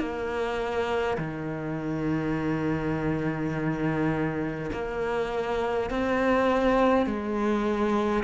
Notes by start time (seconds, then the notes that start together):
0.00 A#3
1.18 D#3
4.73 A#3
5.91 C4
7.07 G#3